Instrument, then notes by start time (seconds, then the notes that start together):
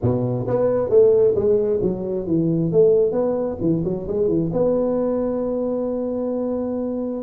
tuba
0.01 B2
0.47 B3
0.89 A3
1.35 G#3
1.82 F#3
2.26 E3
2.71 A3
3.12 B3
3.60 E3
3.84 F#3
4.07 G#3
4.28 E3
4.52 B3